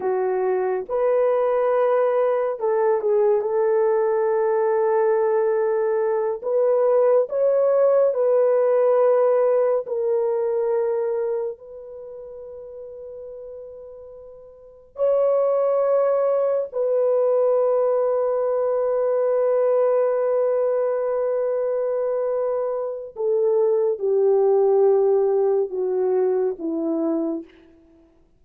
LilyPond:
\new Staff \with { instrumentName = "horn" } { \time 4/4 \tempo 4 = 70 fis'4 b'2 a'8 gis'8 | a'2.~ a'8 b'8~ | b'8 cis''4 b'2 ais'8~ | ais'4. b'2~ b'8~ |
b'4. cis''2 b'8~ | b'1~ | b'2. a'4 | g'2 fis'4 e'4 | }